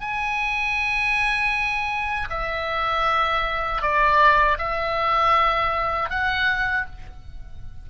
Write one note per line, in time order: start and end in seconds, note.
0.00 2.28 G#5
2.30 3.82 E5
3.82 4.58 D5
4.58 6.10 E5
6.10 6.86 F#5